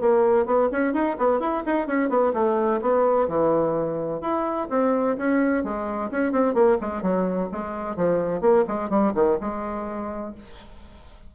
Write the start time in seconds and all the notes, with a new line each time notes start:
0.00 A#3
0.45 B3
0.71 C#4
0.93 D#4
1.18 B3
1.39 E4
1.66 D#4
1.87 C#4
2.09 B3
2.33 A3
2.81 B3
3.27 E3
4.21 E4
4.70 C4
5.17 C#4
5.64 G#3
6.11 C#4
6.32 C4
6.54 A#3
6.81 G#3
7.02 F#3
7.51 G#3
7.96 F3
8.41 A#3
8.67 G#3
8.89 G3
9.14 D#3
9.40 G#3